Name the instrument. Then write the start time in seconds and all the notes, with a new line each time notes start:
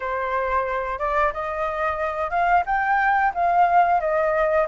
flute
0.00 C5
0.98 D5
1.33 D#5
2.30 F5
2.66 G5
3.34 F5
4.00 D#5